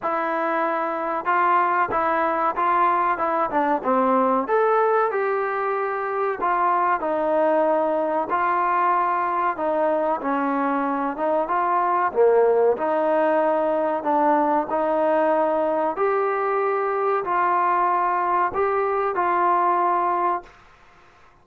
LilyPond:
\new Staff \with { instrumentName = "trombone" } { \time 4/4 \tempo 4 = 94 e'2 f'4 e'4 | f'4 e'8 d'8 c'4 a'4 | g'2 f'4 dis'4~ | dis'4 f'2 dis'4 |
cis'4. dis'8 f'4 ais4 | dis'2 d'4 dis'4~ | dis'4 g'2 f'4~ | f'4 g'4 f'2 | }